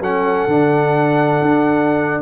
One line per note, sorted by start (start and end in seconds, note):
0.00 0.47 F#3
0.00 0.49 C#4
0.00 2.22 A4
0.00 2.22 F#5
0.47 1.40 D3
0.47 2.22 D4
1.42 2.22 D4